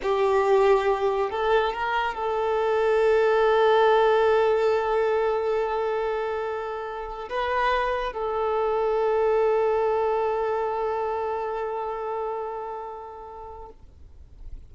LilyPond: \new Staff \with { instrumentName = "violin" } { \time 4/4 \tempo 4 = 140 g'2. a'4 | ais'4 a'2.~ | a'1~ | a'1~ |
a'4 b'2 a'4~ | a'1~ | a'1~ | a'1 | }